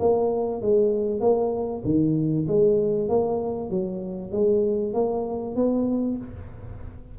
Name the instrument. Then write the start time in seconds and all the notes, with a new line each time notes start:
tuba
0.00 A#3
0.62 G#3
1.21 A#3
1.85 D#3
2.48 G#3
3.09 A#3
3.70 F#3
4.32 G#3
4.94 A#3
5.56 B3